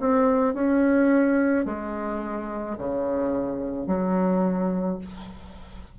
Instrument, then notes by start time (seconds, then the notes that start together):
bassoon
0.00 C4
0.54 C#4
1.65 G#3
2.78 C#3
3.87 F#3